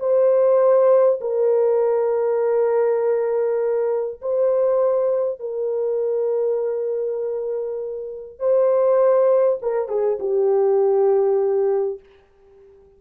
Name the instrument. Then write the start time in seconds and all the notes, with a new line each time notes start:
horn
0.00 C5
1.21 A#4
4.22 C5
5.40 A#4
8.40 C5
9.62 A#4
9.89 G#4
10.20 G4